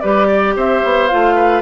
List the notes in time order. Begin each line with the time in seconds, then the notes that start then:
0.00 G3 G4 B4 D5
0.27 D5
0.56 C4 C5 E5
0.84 B3
1.08 A3 F4 F5
1.35 B4